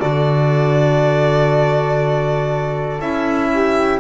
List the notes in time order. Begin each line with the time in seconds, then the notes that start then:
0.00 D3 F#4 A4 D5
3.00 C#4 E4 E5
3.54 G4